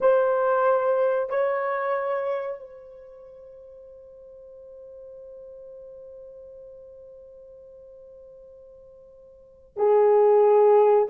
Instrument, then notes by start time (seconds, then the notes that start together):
horn
0.00 C5
1.29 C#5
2.59 C5
9.76 G#4